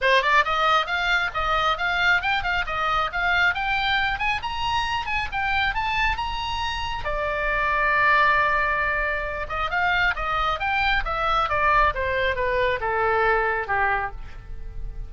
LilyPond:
\new Staff \with { instrumentName = "oboe" } { \time 4/4 \tempo 4 = 136 c''8 d''8 dis''4 f''4 dis''4 | f''4 g''8 f''8 dis''4 f''4 | g''4. gis''8 ais''4. gis''8 | g''4 a''4 ais''2 |
d''1~ | d''4. dis''8 f''4 dis''4 | g''4 e''4 d''4 c''4 | b'4 a'2 g'4 | }